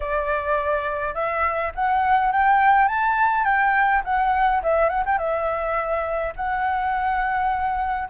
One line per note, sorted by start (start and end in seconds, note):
0.00 1.14 D5
1.14 1.72 E5
1.74 2.32 F#5
2.32 2.88 G5
2.88 3.44 A5
3.44 4.02 G5
4.04 4.62 F#5
4.63 4.89 E5
4.89 5.03 F#5
5.05 5.18 G5
5.18 6.33 E5
6.35 8.08 F#5